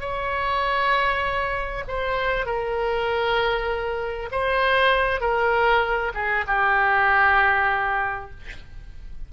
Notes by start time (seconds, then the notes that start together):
0.00 C#5
1.88 C5
2.46 A#4
4.31 C5
5.20 A#4
6.14 G#4
6.47 G4